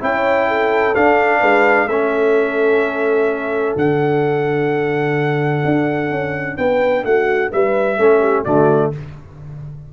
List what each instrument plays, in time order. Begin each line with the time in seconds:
0.00 tuba C#4, trombone E4, horn C#5, trumpet G5
0.48 horn A4
0.95 trombone D4, tuba D4, trumpet F5
1.39 tuba G#3, horn B4
1.87 tuba A3, trombone C#4, horn A4, trumpet E5
3.76 tuba D3, trombone D4, trumpet F#5
5.65 tuba D4
6.10 tuba C#4
6.57 tuba B3, horn B4, trumpet G5
7.04 tuba A3, horn F#4, trumpet F#5
7.51 tuba G3, horn B4, trumpet E5
7.97 tuba A3, trombone C#4, horn A4
8.20 horn G4
8.43 tuba D3, trombone A3, horn F#4, trumpet D5